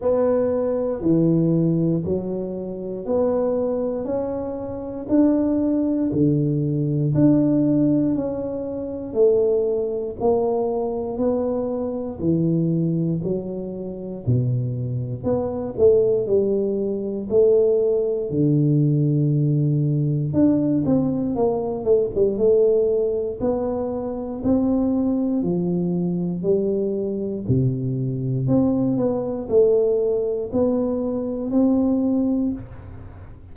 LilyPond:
\new Staff \with { instrumentName = "tuba" } { \time 4/4 \tempo 4 = 59 b4 e4 fis4 b4 | cis'4 d'4 d4 d'4 | cis'4 a4 ais4 b4 | e4 fis4 b,4 b8 a8 |
g4 a4 d2 | d'8 c'8 ais8 a16 g16 a4 b4 | c'4 f4 g4 c4 | c'8 b8 a4 b4 c'4 | }